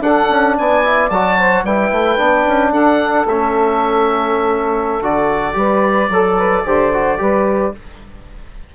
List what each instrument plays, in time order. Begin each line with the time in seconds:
0.00 bassoon D4, trombone D4, saxophone A4, oboe F#5
0.30 bassoon C#4
0.57 bassoon B3, saxophone D5, oboe G#5
0.84 trombone E4
1.09 bassoon F#3, trombone F#4, oboe A5
1.38 saxophone C5
1.63 bassoon G3, trombone E4, saxophone B4, oboe G5
1.91 bassoon A3
2.16 bassoon B3, trombone D4
2.46 bassoon C#4
2.72 bassoon D4, saxophone A4, oboe F#5
3.25 bassoon A3, trombone C#4, oboe E5
5.01 bassoon D3, trombone F#4, oboe D5
5.53 bassoon G3, trombone G4, saxophone B4
6.09 bassoon F#3, saxophone A4, trombone A4
6.36 saxophone B4
6.65 bassoon D3, trombone G4, saxophone C5
6.93 trombone F#4
7.18 bassoon G3, trombone G4, saxophone B4